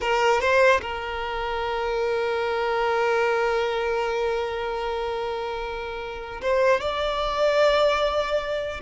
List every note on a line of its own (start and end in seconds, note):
0.01 0.41 A#4
0.41 0.81 C5
0.81 6.41 A#4
6.41 6.80 C5
6.80 8.80 D5